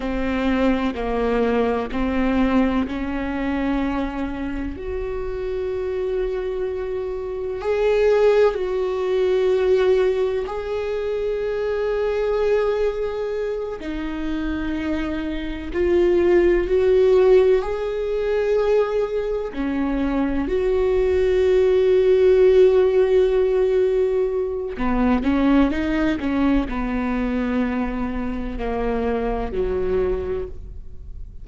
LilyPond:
\new Staff \with { instrumentName = "viola" } { \time 4/4 \tempo 4 = 63 c'4 ais4 c'4 cis'4~ | cis'4 fis'2. | gis'4 fis'2 gis'4~ | gis'2~ gis'8 dis'4.~ |
dis'8 f'4 fis'4 gis'4.~ | gis'8 cis'4 fis'2~ fis'8~ | fis'2 b8 cis'8 dis'8 cis'8 | b2 ais4 fis4 | }